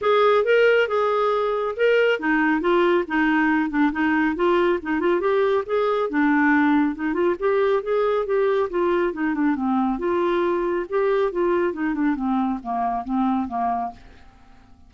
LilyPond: \new Staff \with { instrumentName = "clarinet" } { \time 4/4 \tempo 4 = 138 gis'4 ais'4 gis'2 | ais'4 dis'4 f'4 dis'4~ | dis'8 d'8 dis'4 f'4 dis'8 f'8 | g'4 gis'4 d'2 |
dis'8 f'8 g'4 gis'4 g'4 | f'4 dis'8 d'8 c'4 f'4~ | f'4 g'4 f'4 dis'8 d'8 | c'4 ais4 c'4 ais4 | }